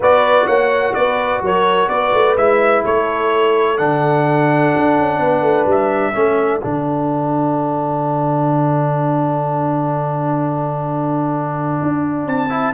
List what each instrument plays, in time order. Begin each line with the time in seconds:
0.00 tuba B3, trombone F#4, horn B4, trumpet D5
0.45 tuba A#3, horn C#5, trumpet F#5
0.93 tuba B3, horn B4, trumpet D5
1.41 tuba F#3, horn A#4, trumpet C#5
1.88 tuba B3, horn B4, trumpet D5
2.13 tuba A3
2.36 tuba G#3, trombone E4, trumpet E5
2.85 tuba A3, horn A4, trumpet C#5
3.77 tuba D3, trombone D4, trumpet F#5
4.76 tuba D4
4.98 tuba C#4
5.19 tuba B3, horn B4
5.41 tuba A3
5.65 tuba G3, trumpet E5
6.13 tuba A3, trombone C#4, horn A4
6.61 tuba D3, trombone D4, trumpet F#5
11.82 tuba D4
12.26 tuba C4, trumpet A5
12.49 trombone E4